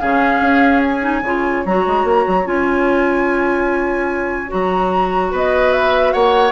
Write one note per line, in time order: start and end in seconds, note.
0.00 0.41 C#3
0.00 1.00 C#4
0.00 1.23 G#4
0.00 0.82 F5
0.41 1.22 C#4
0.82 1.64 G#5
1.00 1.21 D#4
1.22 1.63 C#3
1.22 1.66 F4
1.22 5.31 C#5
1.65 1.86 F#3
1.65 2.45 F#4
1.65 2.47 A#5
1.86 2.04 G#3
2.04 2.24 A#3
2.27 2.46 F#3
2.45 4.50 C#4
2.45 4.48 F4
2.45 4.51 G#5
4.48 5.32 F#3
4.48 6.52 F#4
4.48 5.33 A#5
5.31 6.14 B3
5.31 6.13 B4
5.31 5.72 D#5
5.72 6.12 E5
6.12 6.52 A#3
6.12 6.52 C#5
6.12 6.52 F#5